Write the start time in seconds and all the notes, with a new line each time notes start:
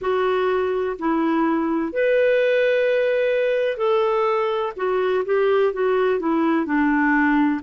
0.01 F#4
0.98 E4
1.93 B4
3.77 A4
4.76 F#4
5.25 G4
5.73 F#4
6.19 E4
6.65 D4